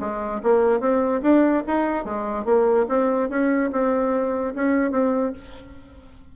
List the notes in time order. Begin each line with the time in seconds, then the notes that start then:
0.00 G#3
0.43 A#3
0.80 C4
1.22 D4
1.67 D#4
2.05 G#3
2.45 A#3
2.89 C4
3.29 C#4
3.72 C4
4.55 C#4
4.91 C4